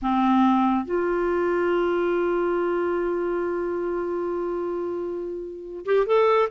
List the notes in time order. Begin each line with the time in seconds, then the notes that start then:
0.02 C4
0.85 F4
5.85 G4
6.06 A4